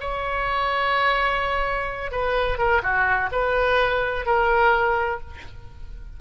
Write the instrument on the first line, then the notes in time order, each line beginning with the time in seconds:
oboe
0.00 C#5
2.11 B4
2.58 A#4
2.82 F#4
3.32 B4
4.26 A#4